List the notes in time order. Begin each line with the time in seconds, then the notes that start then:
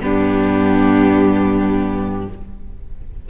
0.00 G2 B3 D4 G4